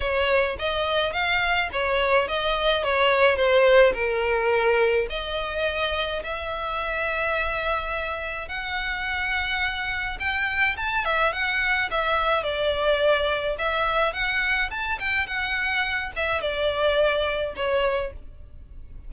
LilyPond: \new Staff \with { instrumentName = "violin" } { \time 4/4 \tempo 4 = 106 cis''4 dis''4 f''4 cis''4 | dis''4 cis''4 c''4 ais'4~ | ais'4 dis''2 e''4~ | e''2. fis''4~ |
fis''2 g''4 a''8 e''8 | fis''4 e''4 d''2 | e''4 fis''4 a''8 g''8 fis''4~ | fis''8 e''8 d''2 cis''4 | }